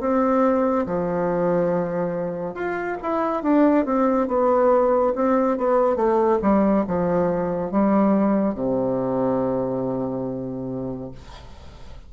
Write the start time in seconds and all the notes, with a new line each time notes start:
0.00 C4
0.86 F3
2.55 F4
3.03 E4
3.43 D4
3.85 C4
4.28 B3
5.16 C4
5.58 B3
5.96 A3
6.42 G3
6.88 F3
7.71 G3
8.55 C3